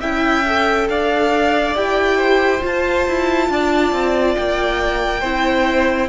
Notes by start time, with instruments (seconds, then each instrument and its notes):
0.00 cello C#4, viola E4, violin E5 G5
0.46 viola A4
0.88 cello D4, violin D5 F5
1.74 cello E4, viola G4, violin G5
2.17 violin C5
2.60 viola F4, cello F4
2.66 violin A5
3.07 cello E4
3.49 cello D4, violin D5
3.92 cello C4
4.35 cello A#3, violin G5
5.20 cello C4, viola E4, violin C5